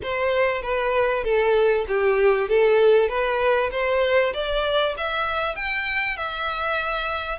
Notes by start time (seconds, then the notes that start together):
0.03 C5
0.62 B4
1.23 A4
1.88 G4
2.49 A4
3.08 B4
3.71 C5
4.33 D5
4.97 E5
5.55 G5
6.16 E5